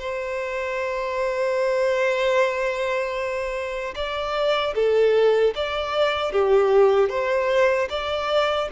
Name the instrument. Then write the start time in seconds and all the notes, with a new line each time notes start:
violin
0.00 C5
3.95 D5
4.75 A4
5.56 D5
6.32 G4
7.09 C5
7.90 D5